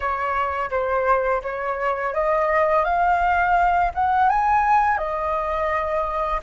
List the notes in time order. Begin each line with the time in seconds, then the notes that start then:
0.00 C#5
0.70 C5
1.42 C#5
2.14 D#5
2.84 F5
3.94 F#5
4.29 G#5
4.97 D#5